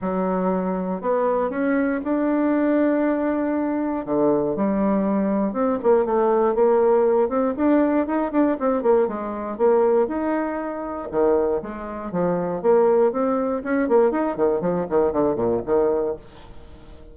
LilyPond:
\new Staff \with { instrumentName = "bassoon" } { \time 4/4 \tempo 4 = 119 fis2 b4 cis'4 | d'1 | d4 g2 c'8 ais8 | a4 ais4. c'8 d'4 |
dis'8 d'8 c'8 ais8 gis4 ais4 | dis'2 dis4 gis4 | f4 ais4 c'4 cis'8 ais8 | dis'8 dis8 f8 dis8 d8 ais,8 dis4 | }